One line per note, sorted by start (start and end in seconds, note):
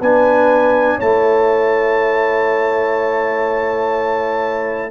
0.00 0.98 B3
0.00 1.01 D4
0.00 0.96 B4
0.00 1.00 G#5
0.96 4.91 A3
0.96 4.91 E4
0.96 4.89 C#5
0.96 4.91 A5